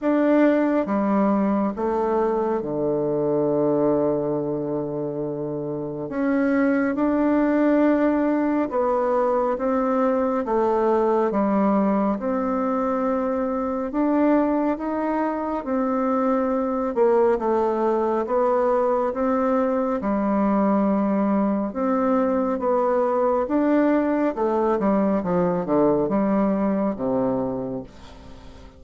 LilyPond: \new Staff \with { instrumentName = "bassoon" } { \time 4/4 \tempo 4 = 69 d'4 g4 a4 d4~ | d2. cis'4 | d'2 b4 c'4 | a4 g4 c'2 |
d'4 dis'4 c'4. ais8 | a4 b4 c'4 g4~ | g4 c'4 b4 d'4 | a8 g8 f8 d8 g4 c4 | }